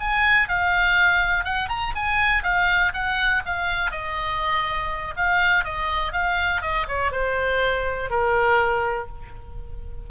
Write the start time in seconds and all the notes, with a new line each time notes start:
0.00 G#5
0.49 F5
1.45 F#5
1.69 A#5
1.95 G#5
2.43 F5
2.94 F#5
3.46 F5
3.91 D#5
5.16 F5
5.64 D#5
6.13 F5
6.62 D#5
6.88 C#5
7.12 C5
8.10 A#4